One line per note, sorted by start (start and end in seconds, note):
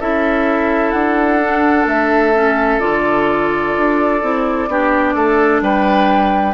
0.00 0.93 C#4
0.00 1.41 E4
0.00 4.69 A4
0.00 0.91 E5
0.91 1.85 D4
0.91 1.85 F#5
1.41 2.34 D4
1.85 2.79 A3
1.85 2.79 E5
2.34 2.80 C#4
2.79 3.75 D3
2.79 4.20 F4
2.79 5.61 D5
3.77 4.22 D4
4.21 4.68 C4
4.21 4.68 E4
4.68 5.14 B3
4.68 6.54 D4
4.68 5.14 G4
5.14 5.61 A3
5.14 5.61 A4
5.61 6.54 G3
5.61 6.54 B4
5.61 6.54 G5